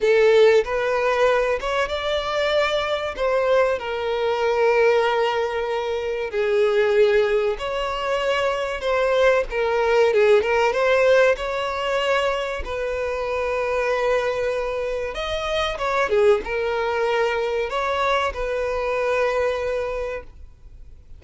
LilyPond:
\new Staff \with { instrumentName = "violin" } { \time 4/4 \tempo 4 = 95 a'4 b'4. cis''8 d''4~ | d''4 c''4 ais'2~ | ais'2 gis'2 | cis''2 c''4 ais'4 |
gis'8 ais'8 c''4 cis''2 | b'1 | dis''4 cis''8 gis'8 ais'2 | cis''4 b'2. | }